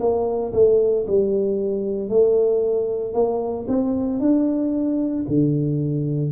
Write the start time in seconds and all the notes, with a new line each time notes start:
0.00 A#3
0.53 A3
1.07 G3
2.09 A3
3.13 A#3
3.67 C4
4.20 D4
5.28 D3